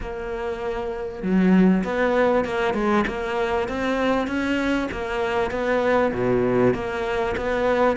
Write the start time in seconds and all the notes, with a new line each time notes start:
0.00 A#3
1.22 F#3
1.84 B3
2.44 A#3
2.74 G#3
3.07 A#3
3.68 C4
4.27 C#4
4.91 A#3
5.50 B3
6.13 B2
6.74 A#3
7.36 B3